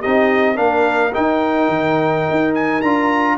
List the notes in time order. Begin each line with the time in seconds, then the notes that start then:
0.00 C4 D#4 G4 D#5
0.56 A#3 D4 A#4 F5
1.14 D#4 G5
1.69 D#3
2.31 D#4
2.55 G#5
2.82 D4 F4 A#5